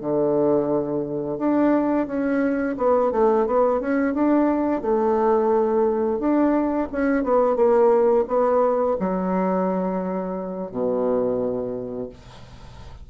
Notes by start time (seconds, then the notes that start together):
0.00 D3
1.38 D4
2.07 C#4
2.77 B3
3.11 A3
3.46 B3
3.80 C#4
4.14 D4
4.81 A3
6.19 D4
6.92 C#4
7.23 B3
7.55 A#3
8.27 B3
8.99 F#3
10.71 B2